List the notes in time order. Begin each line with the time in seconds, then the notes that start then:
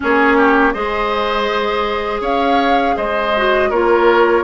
0.00 A#3 C#4 G#4 C#5
0.37 G4
0.72 G#3 G#4 C5 D#5
2.21 C#4 C#5 F5
2.96 G#3 C5 D#5
3.36 F#4
3.69 A#3 F4 A#4 C#5